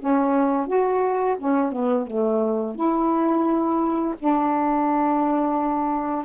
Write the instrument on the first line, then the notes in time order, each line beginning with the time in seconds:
saxophone
0.00 C#4
0.67 F#4
1.39 C#4
1.73 B3
2.07 A3
2.76 E4
4.19 D4